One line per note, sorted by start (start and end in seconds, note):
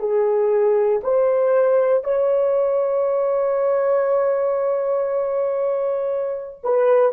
0.00 1.02 G#4
1.04 2.04 C5
2.04 6.62 C#5
6.64 7.13 B4